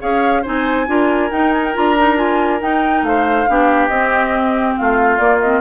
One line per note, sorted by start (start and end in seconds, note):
0.00 0.45 C#4
0.00 0.43 G#4
0.00 0.42 C#5
0.00 0.44 F5
0.42 0.87 C4
0.42 0.86 D#4
0.42 0.85 C5
0.42 1.32 G#5
0.86 1.30 D4
0.86 1.30 F4
0.86 3.06 A#4
1.31 1.74 D#4
1.31 1.53 G5
1.53 1.63 G#5
1.64 1.75 G5
1.74 2.61 D4
1.74 1.95 F4
1.74 2.17 A#5
1.98 2.16 D#4
2.16 2.60 F4
2.16 2.60 G#5
2.60 3.47 D#4
2.60 3.02 D#4
2.60 3.04 G5
3.02 3.45 A3
3.02 3.49 C5
3.02 3.87 F5
3.48 3.88 B3
3.48 3.91 D4
3.48 4.79 G4
3.87 4.75 C4
3.87 5.19 C4
3.87 4.74 D#5
4.77 5.19 A3
4.77 5.61 F4
4.77 5.18 F5
5.18 5.61 A#3
5.18 5.41 A#3
5.18 5.39 D5
5.40 5.61 C4
5.40 5.61 D#5